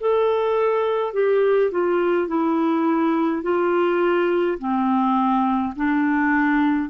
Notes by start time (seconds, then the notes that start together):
0.00 A4
1.14 G4
1.72 F4
2.28 E4
3.42 F4
4.58 C4
5.76 D4